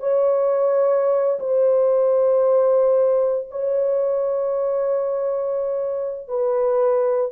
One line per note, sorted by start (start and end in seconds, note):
0.00 1.40 C#5
1.40 3.49 C5
3.51 6.28 C#5
6.28 7.32 B4